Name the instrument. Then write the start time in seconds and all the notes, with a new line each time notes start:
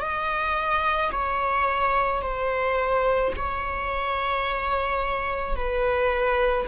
viola
0.00 D#5
1.12 C#5
2.22 C5
3.36 C#5
5.56 B4